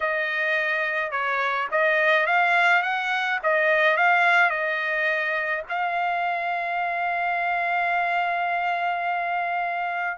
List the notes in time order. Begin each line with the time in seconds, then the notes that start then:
0.00 D#5
1.11 C#5
1.71 D#5
2.26 F5
2.82 F#5
3.43 D#5
3.96 F5
4.49 D#5
5.69 F5